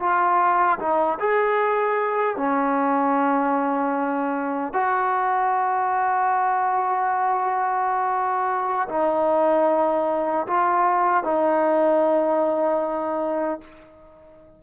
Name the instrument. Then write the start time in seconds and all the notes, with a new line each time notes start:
trombone
0.00 F4
0.79 D#4
1.19 G#4
2.37 C#4
4.74 F#4
8.89 D#4
10.47 F4
11.24 D#4